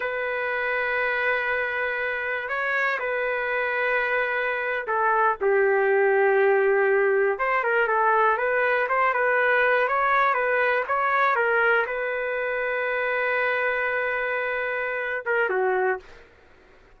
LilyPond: \new Staff \with { instrumentName = "trumpet" } { \time 4/4 \tempo 4 = 120 b'1~ | b'4 cis''4 b'2~ | b'4.~ b'16 a'4 g'4~ g'16~ | g'2~ g'8. c''8 ais'8 a'16~ |
a'8. b'4 c''8 b'4. cis''16~ | cis''8. b'4 cis''4 ais'4 b'16~ | b'1~ | b'2~ b'8 ais'8 fis'4 | }